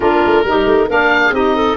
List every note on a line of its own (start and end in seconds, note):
0.00 0.22 A#3
0.00 0.44 D4
0.00 0.44 F4
0.00 0.89 A#4
0.25 0.44 A3
0.44 0.65 G3
0.44 0.89 D#4
0.44 0.87 G4
0.65 0.87 A3
0.87 1.31 A#3
0.87 1.32 D4
0.87 1.20 A#4
0.87 1.34 F5
1.25 1.34 G#4
1.31 1.76 C4
1.31 1.77 D#4
1.31 1.55 G4
1.31 1.77 D#5
1.55 1.77 A4